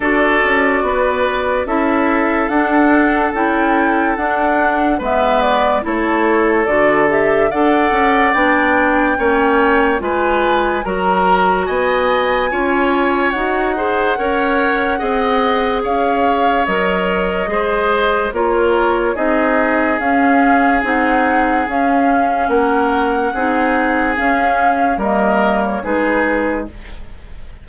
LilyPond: <<
  \new Staff \with { instrumentName = "flute" } { \time 4/4 \tempo 4 = 72 d''2 e''4 fis''4 | g''4 fis''4 e''8 d''8 cis''4 | d''8 e''8 fis''4 g''2 | gis''4 ais''4 gis''2 |
fis''2. f''4 | dis''2 cis''4 dis''4 | f''4 fis''4 f''4 fis''4~ | fis''4 f''4 dis''8. cis''16 b'4 | }
  \new Staff \with { instrumentName = "oboe" } { \time 4/4 a'4 b'4 a'2~ | a'2 b'4 a'4~ | a'4 d''2 cis''4 | b'4 ais'4 dis''4 cis''4~ |
cis''8 c''8 cis''4 dis''4 cis''4~ | cis''4 c''4 ais'4 gis'4~ | gis'2. ais'4 | gis'2 ais'4 gis'4 | }
  \new Staff \with { instrumentName = "clarinet" } { \time 4/4 fis'2 e'4 d'4 | e'4 d'4 b4 e'4 | fis'8 g'8 a'4 d'4 cis'4 | f'4 fis'2 f'4 |
fis'8 gis'8 ais'4 gis'2 | ais'4 gis'4 f'4 dis'4 | cis'4 dis'4 cis'2 | dis'4 cis'4 ais4 dis'4 | }
  \new Staff \with { instrumentName = "bassoon" } { \time 4/4 d'8 cis'8 b4 cis'4 d'4 | cis'4 d'4 gis4 a4 | d4 d'8 cis'8 b4 ais4 | gis4 fis4 b4 cis'4 |
dis'4 cis'4 c'4 cis'4 | fis4 gis4 ais4 c'4 | cis'4 c'4 cis'4 ais4 | c'4 cis'4 g4 gis4 | }
>>